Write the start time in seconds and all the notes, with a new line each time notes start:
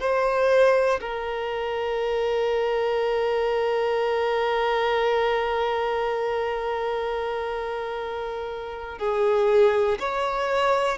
0.00 C5
1.00 A#4
8.98 G#4
9.99 C#5